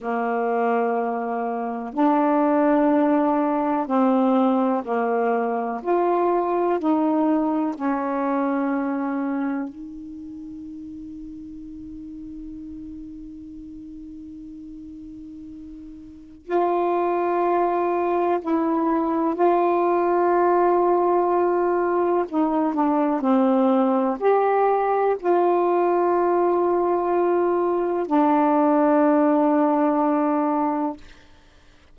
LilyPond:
\new Staff \with { instrumentName = "saxophone" } { \time 4/4 \tempo 4 = 62 ais2 d'2 | c'4 ais4 f'4 dis'4 | cis'2 dis'2~ | dis'1~ |
dis'4 f'2 e'4 | f'2. dis'8 d'8 | c'4 g'4 f'2~ | f'4 d'2. | }